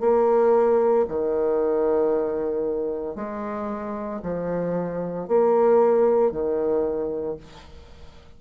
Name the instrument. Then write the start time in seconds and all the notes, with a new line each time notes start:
bassoon
0.00 A#3
1.08 D#3
3.15 G#3
4.22 F3
5.28 A#3
6.32 D#3